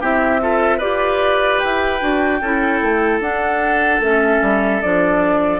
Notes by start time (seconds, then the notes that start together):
0.00 C4 E4 G4 E5
0.40 F4 A4
0.77 F4 G4 B4 D5
1.59 E4 G5
2.00 D4 F#4
2.41 C#4 E4 A4
2.82 A3
3.20 D4 F#5
4.00 A3 C#4 E5
4.41 G3
4.82 F3 D4 D5